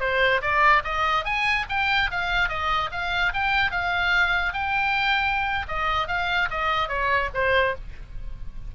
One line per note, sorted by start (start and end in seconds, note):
0.00 0.41 C5
0.41 0.83 D5
0.84 1.25 D#5
1.25 1.66 G#5
1.69 2.10 G5
2.11 2.49 F5
2.49 2.90 D#5
2.92 3.33 F5
3.34 3.71 G5
3.71 4.53 F5
4.53 5.66 G5
5.68 6.08 D#5
6.08 6.49 F5
6.50 6.88 D#5
6.88 7.29 C#5
7.34 7.75 C5